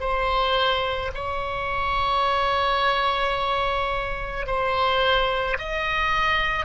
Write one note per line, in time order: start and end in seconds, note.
0.00 1.11 C5
1.15 4.46 C#5
4.46 5.57 C5
5.58 6.65 D#5